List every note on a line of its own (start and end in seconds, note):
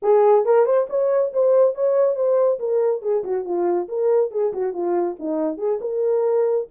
0.02 0.45 G#4
0.45 0.65 A#4
0.65 0.87 C5
0.89 1.32 C#5
1.33 1.75 C5
1.75 2.15 C#5
2.15 2.58 C5
2.59 3.02 A#4
3.02 3.23 G#4
3.24 3.45 F#4
3.45 3.88 F4
3.88 4.31 A#4
4.31 4.52 G#4
4.53 4.73 F#4
4.73 5.16 F4
5.19 5.57 D#4
5.57 5.79 G#4
5.81 6.67 A#4